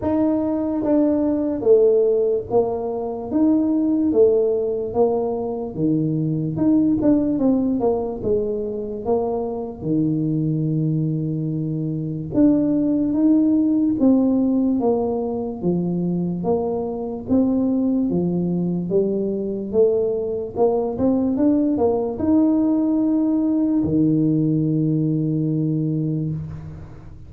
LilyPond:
\new Staff \with { instrumentName = "tuba" } { \time 4/4 \tempo 4 = 73 dis'4 d'4 a4 ais4 | dis'4 a4 ais4 dis4 | dis'8 d'8 c'8 ais8 gis4 ais4 | dis2. d'4 |
dis'4 c'4 ais4 f4 | ais4 c'4 f4 g4 | a4 ais8 c'8 d'8 ais8 dis'4~ | dis'4 dis2. | }